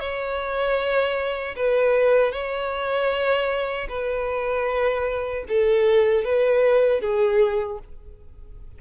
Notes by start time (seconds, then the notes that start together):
0.00 C#5
1.57 B4
2.32 C#5
3.89 B4
5.49 A4
6.25 B4
7.01 G#4